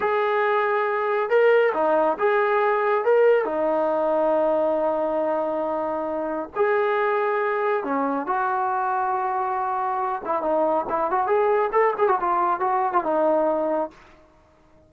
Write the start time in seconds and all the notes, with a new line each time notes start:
0.00 G#4
1.29 A#4
1.74 D#4
2.18 G#4
3.04 A#4
3.44 D#4
6.55 G#4
7.84 C#4
8.26 F#4
10.25 E4
10.42 D#4
10.89 E4
11.10 F#4
11.26 G#4
11.72 A4
11.98 G#4
12.08 F#4
12.20 F4
12.60 F#4
12.92 F4
13.03 D#4